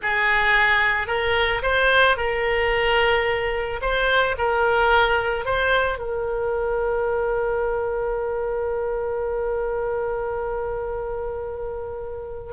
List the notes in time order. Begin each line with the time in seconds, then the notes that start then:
0.02 G#4
1.07 A#4
1.62 C5
2.16 A#4
3.81 C5
4.38 A#4
5.45 C5
5.98 A#4